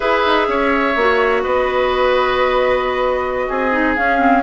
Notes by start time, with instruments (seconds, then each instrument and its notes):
0.00 bassoon E4, clarinet G#4, oboe B4, flute E5
0.26 bassoon D#4
0.48 bassoon C#4, oboe C#5
0.95 bassoon A#3, clarinet F#4
1.42 bassoon B3, oboe B4, flute D#5
3.48 bassoon C4, oboe G#4
3.72 clarinet D#4
3.95 clarinet C#4, bassoon C#4, flute F5
4.18 clarinet C4